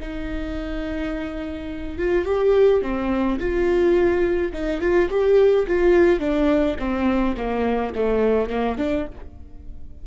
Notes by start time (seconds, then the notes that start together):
0.00 D#4
1.98 F4
2.25 G4
2.82 C4
3.39 F4
4.53 D#4
4.81 F4
5.10 G4
5.67 F4
6.20 D4
6.79 C4
7.37 A#3
7.95 A3
8.49 A#3
8.78 D4